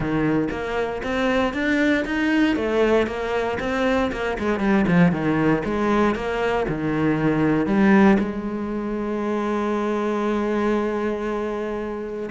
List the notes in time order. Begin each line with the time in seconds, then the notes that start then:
0.00 D#3
0.50 A#3
1.03 C4
1.53 D4
2.05 D#4
2.55 A3
3.06 A#3
3.59 C4
4.11 A#3
4.38 G#3
4.59 G3
4.87 F3
5.11 D#3
5.64 G#3
6.15 A#3
6.68 D#3
7.66 G3
8.19 G#3